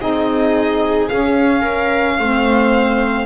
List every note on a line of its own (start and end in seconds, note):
0.00 1.10 C4
0.00 1.09 D#4
0.00 1.61 G#4
0.00 1.08 D#5
1.08 2.19 C#4
1.08 3.26 F5
1.61 2.15 A#4
2.19 3.26 A3
2.19 3.26 C4
2.19 3.26 C5